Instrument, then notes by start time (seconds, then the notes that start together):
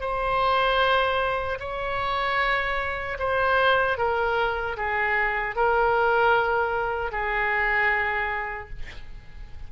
oboe
0.00 C5
1.60 C#5
3.19 C5
3.97 A#4
4.77 G#4
5.55 A#4
7.11 G#4